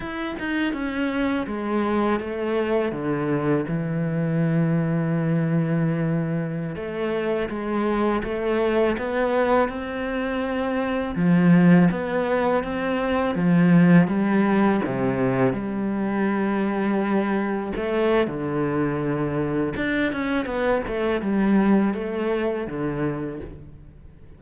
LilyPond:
\new Staff \with { instrumentName = "cello" } { \time 4/4 \tempo 4 = 82 e'8 dis'8 cis'4 gis4 a4 | d4 e2.~ | e4~ e16 a4 gis4 a8.~ | a16 b4 c'2 f8.~ |
f16 b4 c'4 f4 g8.~ | g16 c4 g2~ g8.~ | g16 a8. d2 d'8 cis'8 | b8 a8 g4 a4 d4 | }